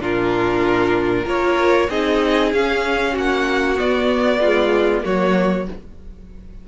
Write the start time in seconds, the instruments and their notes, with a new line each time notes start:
0.00 cello A#2, viola D4, violin F4 A#4
1.25 cello A#3, viola F4, violin A#4 C#5
1.90 cello C4, viola D#4, violin G#4 D#5
2.53 cello C#4, viola C#4, violin F5
3.13 cello A#3, violin F#4 F#5
3.77 viola B3, cello B3, violin D5
4.41 viola G#3, violin F4
5.03 cello F#3, viola A#3, violin F#4 C#5